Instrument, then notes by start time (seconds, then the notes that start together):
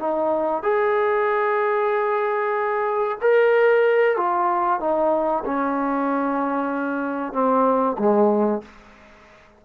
trombone
0.00 D#4
0.63 G#4
3.21 A#4
4.17 F4
4.80 D#4
5.45 C#4
7.33 C4
7.99 G#3